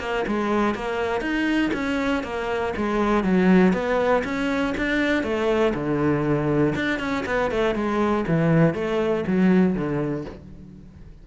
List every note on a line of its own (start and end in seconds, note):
0.00 0.25 A#3
0.27 0.75 G#3
0.75 1.21 A#3
1.21 1.71 D#4
1.73 2.23 C#4
2.23 2.73 A#3
2.77 3.24 G#3
3.24 3.73 F#3
3.73 4.23 B3
4.24 4.74 C#4
4.77 5.23 D4
5.23 5.73 A3
5.74 6.74 D3
6.75 7.00 D4
7.00 7.25 C#4
7.26 7.51 B3
7.51 7.75 A3
7.75 8.25 G#3
8.28 8.74 E3
8.74 9.24 A3
9.27 9.75 F#3
9.75 10.25 D3